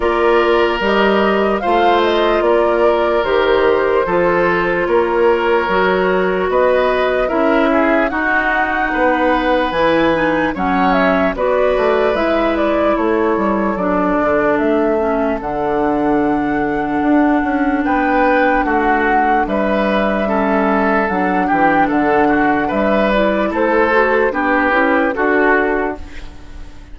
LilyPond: <<
  \new Staff \with { instrumentName = "flute" } { \time 4/4 \tempo 4 = 74 d''4 dis''4 f''8 dis''8 d''4 | c''2 cis''2 | dis''4 e''4 fis''2 | gis''4 fis''8 e''8 d''4 e''8 d''8 |
cis''4 d''4 e''4 fis''4~ | fis''2 g''4 fis''4 | e''2 fis''8 g''8 fis''4 | e''8 d''8 c''4 b'4 a'4 | }
  \new Staff \with { instrumentName = "oboe" } { \time 4/4 ais'2 c''4 ais'4~ | ais'4 a'4 ais'2 | b'4 ais'8 gis'8 fis'4 b'4~ | b'4 cis''4 b'2 |
a'1~ | a'2 b'4 fis'4 | b'4 a'4. g'8 a'8 fis'8 | b'4 a'4 g'4 fis'4 | }
  \new Staff \with { instrumentName = "clarinet" } { \time 4/4 f'4 g'4 f'2 | g'4 f'2 fis'4~ | fis'4 e'4 dis'2 | e'8 dis'8 cis'4 fis'4 e'4~ |
e'4 d'4. cis'8 d'4~ | d'1~ | d'4 cis'4 d'2~ | d'8 e'4 fis'8 d'8 e'8 fis'4 | }
  \new Staff \with { instrumentName = "bassoon" } { \time 4/4 ais4 g4 a4 ais4 | dis4 f4 ais4 fis4 | b4 cis'4 dis'4 b4 | e4 fis4 b8 a8 gis4 |
a8 g8 fis8 d8 a4 d4~ | d4 d'8 cis'8 b4 a4 | g2 fis8 e8 d4 | g4 a4 b8 cis'8 d'4 | }
>>